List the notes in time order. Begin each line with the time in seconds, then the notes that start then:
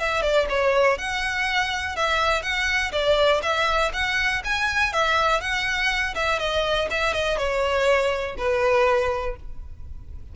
0.00 E5
0.22 D5
0.49 C#5
0.98 F#5
1.96 E5
2.43 F#5
2.92 D5
3.43 E5
3.93 F#5
4.45 G#5
4.93 E5
5.41 F#5
6.15 E5
6.40 D#5
6.91 E5
7.14 D#5
7.38 C#5
8.38 B4